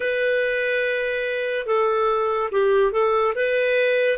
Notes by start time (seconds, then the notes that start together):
0.00 B4
1.66 A4
2.51 G4
2.92 A4
3.35 B4